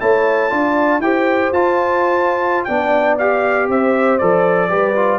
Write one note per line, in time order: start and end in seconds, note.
0.00 0.52 A3
0.00 0.50 E4
0.00 0.51 C#5
0.00 1.02 A5
0.50 1.00 D4
0.50 1.01 F4
0.50 1.02 D5
1.00 1.51 E4
1.00 1.54 G4
1.00 2.67 C5
1.00 1.52 G5
1.53 2.67 F4
1.53 2.69 F4
1.53 2.64 A5
2.64 3.69 B3
2.64 3.20 D4
2.64 3.69 D5
2.64 3.15 G5
3.19 4.21 G4
3.19 3.69 F5
3.69 4.20 C4
3.69 4.70 C5
3.69 4.19 E5
4.19 4.71 F3
4.19 4.70 A4
4.19 5.19 D5
4.70 5.19 G3
4.70 4.95 G4
4.70 5.19 B4
4.96 5.19 F4